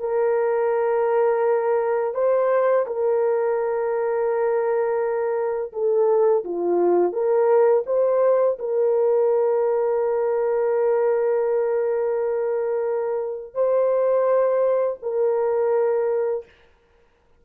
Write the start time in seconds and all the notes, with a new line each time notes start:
0.00 A#4
2.15 C5
2.87 A#4
5.72 A4
6.44 F4
7.13 A#4
7.86 C5
8.59 A#4
13.54 C5
15.02 A#4